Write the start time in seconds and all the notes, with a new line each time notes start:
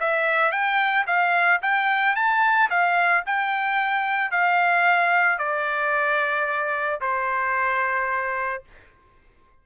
0.00 E5
0.52 G5
1.07 F5
1.62 G5
2.16 A5
2.70 F5
3.26 G5
4.32 F5
5.39 D5
7.01 C5